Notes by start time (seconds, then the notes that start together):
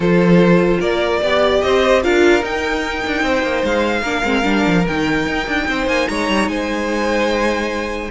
0.00 F3 F4 A4 C5
0.79 A#3 A#4 D5
1.22 B3 G4 D5
1.61 C4 C5 D#5
2.03 D4 F4 A#4 F5
2.41 D#4 G5
3.06 D4
3.22 C4 C5
3.42 A#3
3.63 G#3 F5
4.01 A#3 D4 A#4
4.23 G#3 C4
4.43 G3 D4
4.66 F3
4.87 D#3 D#4 G5
5.26 D#4
5.47 D4
5.67 C4 C5
5.87 A#3 G#5
6.08 G#3 C#5 A#5
6.29 G3
6.47 G#3 C5 G#5